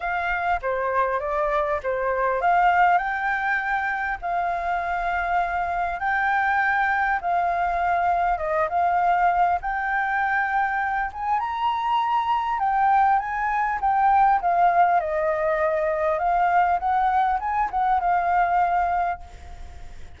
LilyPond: \new Staff \with { instrumentName = "flute" } { \time 4/4 \tempo 4 = 100 f''4 c''4 d''4 c''4 | f''4 g''2 f''4~ | f''2 g''2 | f''2 dis''8 f''4. |
g''2~ g''8 gis''8 ais''4~ | ais''4 g''4 gis''4 g''4 | f''4 dis''2 f''4 | fis''4 gis''8 fis''8 f''2 | }